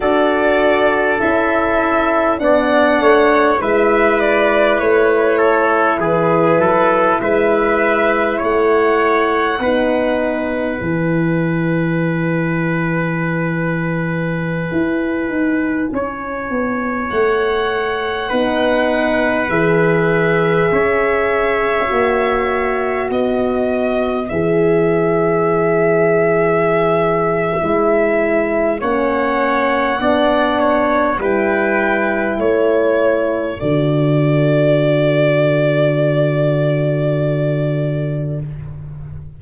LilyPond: <<
  \new Staff \with { instrumentName = "violin" } { \time 4/4 \tempo 4 = 50 d''4 e''4 fis''4 e''8 d''8 | cis''4 b'4 e''4 fis''4~ | fis''4 gis''2.~ | gis''2~ gis''16 fis''4.~ fis''16~ |
fis''16 e''2. dis''8.~ | dis''16 e''2.~ e''8. | fis''2 g''4 cis''4 | d''1 | }
  \new Staff \with { instrumentName = "trumpet" } { \time 4/4 a'2 d''8 cis''8 b'4~ | b'8 a'8 gis'8 a'8 b'4 cis''4 | b'1~ | b'4~ b'16 cis''2 b'8.~ |
b'4~ b'16 cis''2 b'8.~ | b'1 | cis''4 d''8 cis''8 b'4 a'4~ | a'1 | }
  \new Staff \with { instrumentName = "horn" } { \time 4/4 fis'4 e'4 d'4 e'4~ | e'1 | dis'4 e'2.~ | e'2.~ e'16 dis'8.~ |
dis'16 gis'2 fis'4.~ fis'16~ | fis'16 gis'2~ gis'8. e'4 | cis'4 d'4 e'2 | fis'1 | }
  \new Staff \with { instrumentName = "tuba" } { \time 4/4 d'4 cis'4 b8 a8 gis4 | a4 e8 fis8 gis4 a4 | b4 e2.~ | e16 e'8 dis'8 cis'8 b8 a4 b8.~ |
b16 e4 cis'4 ais4 b8.~ | b16 e2~ e8. gis4 | ais4 b4 g4 a4 | d1 | }
>>